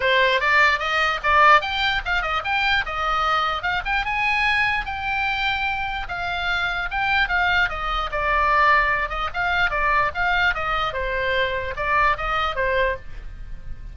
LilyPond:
\new Staff \with { instrumentName = "oboe" } { \time 4/4 \tempo 4 = 148 c''4 d''4 dis''4 d''4 | g''4 f''8 dis''8 g''4 dis''4~ | dis''4 f''8 g''8 gis''2 | g''2. f''4~ |
f''4 g''4 f''4 dis''4 | d''2~ d''8 dis''8 f''4 | d''4 f''4 dis''4 c''4~ | c''4 d''4 dis''4 c''4 | }